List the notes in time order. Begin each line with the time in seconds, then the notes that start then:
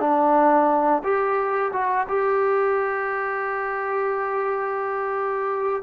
0.00 D4
1.04 G4
1.73 F#4
2.09 G4